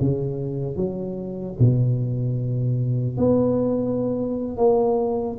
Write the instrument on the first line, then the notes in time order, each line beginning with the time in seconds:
tuba
0.00 C#3
0.76 F#3
1.59 B2
3.17 B3
4.57 A#3